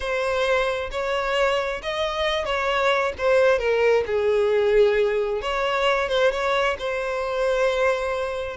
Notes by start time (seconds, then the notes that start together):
0.00 C5
0.91 C#5
1.82 D#5
2.45 C#5
3.18 C5
3.59 A#4
4.06 G#4
5.41 C#5
6.09 C5
6.31 C#5
6.78 C5